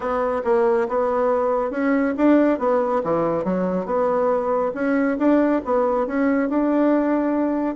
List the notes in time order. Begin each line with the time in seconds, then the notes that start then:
0.00 B3
0.44 A#3
0.88 B3
1.71 C#4
2.17 D4
2.58 B3
3.03 E3
3.44 F#3
3.85 B3
4.74 C#4
5.18 D4
5.64 B3
6.06 C#4
6.49 D4